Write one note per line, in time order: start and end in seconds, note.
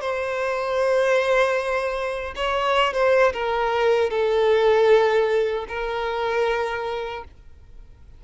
0.00 2.34 C5
2.36 2.93 C#5
2.93 3.32 C5
3.33 4.10 A#4
4.10 5.66 A4
5.68 7.24 A#4